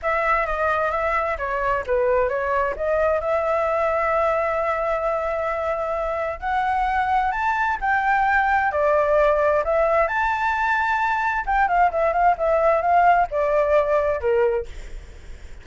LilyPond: \new Staff \with { instrumentName = "flute" } { \time 4/4 \tempo 4 = 131 e''4 dis''4 e''4 cis''4 | b'4 cis''4 dis''4 e''4~ | e''1~ | e''2 fis''2 |
a''4 g''2 d''4~ | d''4 e''4 a''2~ | a''4 g''8 f''8 e''8 f''8 e''4 | f''4 d''2 ais'4 | }